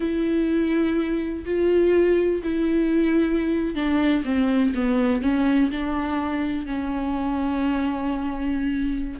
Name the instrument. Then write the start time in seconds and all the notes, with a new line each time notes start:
viola
0.00 E4
1.45 F4
2.43 E4
3.75 D4
4.24 C4
4.74 B3
5.21 C#4
5.70 D4
6.66 C#4